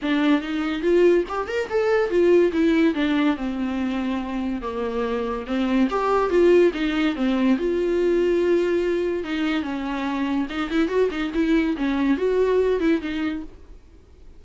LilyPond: \new Staff \with { instrumentName = "viola" } { \time 4/4 \tempo 4 = 143 d'4 dis'4 f'4 g'8 ais'8 | a'4 f'4 e'4 d'4 | c'2. ais4~ | ais4 c'4 g'4 f'4 |
dis'4 c'4 f'2~ | f'2 dis'4 cis'4~ | cis'4 dis'8 e'8 fis'8 dis'8 e'4 | cis'4 fis'4. e'8 dis'4 | }